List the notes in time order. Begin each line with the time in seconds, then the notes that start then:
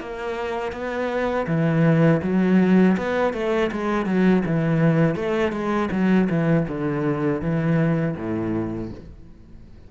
0.00 A#3
0.72 B3
1.47 E3
2.23 F#3
2.97 B3
3.33 A3
3.72 G#3
4.05 F#3
4.45 E3
5.15 A3
5.52 G#3
5.91 F#3
6.30 E3
6.68 D3
7.41 E3
8.16 A2